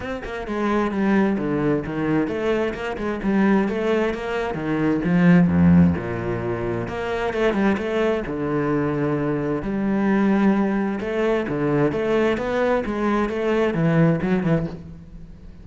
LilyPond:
\new Staff \with { instrumentName = "cello" } { \time 4/4 \tempo 4 = 131 c'8 ais8 gis4 g4 d4 | dis4 a4 ais8 gis8 g4 | a4 ais4 dis4 f4 | f,4 ais,2 ais4 |
a8 g8 a4 d2~ | d4 g2. | a4 d4 a4 b4 | gis4 a4 e4 fis8 e8 | }